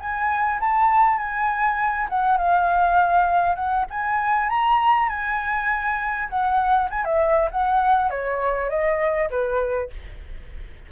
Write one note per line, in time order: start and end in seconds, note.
0.00 0.60 G#5
0.61 1.18 A5
1.18 2.08 G#5
2.10 2.38 F#5
2.38 3.56 F5
3.56 3.86 F#5
3.91 4.50 G#5
4.50 5.09 A#5
5.09 6.29 G#5
6.30 6.90 F#5
6.91 7.05 G#5
7.05 7.50 E5
7.51 8.11 F#5
8.11 8.70 C#5
8.70 9.30 D#5
9.30 9.90 B4